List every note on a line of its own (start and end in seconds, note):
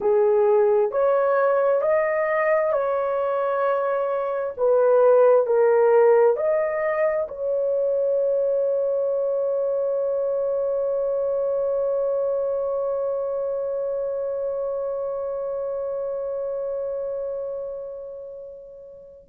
0.00 0.91 G#4
0.91 1.81 C#5
1.81 2.72 D#5
2.72 4.54 C#5
4.57 5.46 B4
5.46 6.36 A#4
6.36 7.27 D#5
7.28 19.28 C#5